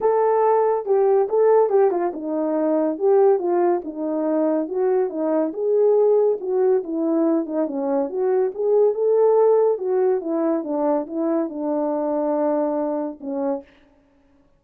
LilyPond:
\new Staff \with { instrumentName = "horn" } { \time 4/4 \tempo 4 = 141 a'2 g'4 a'4 | g'8 f'8 dis'2 g'4 | f'4 dis'2 fis'4 | dis'4 gis'2 fis'4 |
e'4. dis'8 cis'4 fis'4 | gis'4 a'2 fis'4 | e'4 d'4 e'4 d'4~ | d'2. cis'4 | }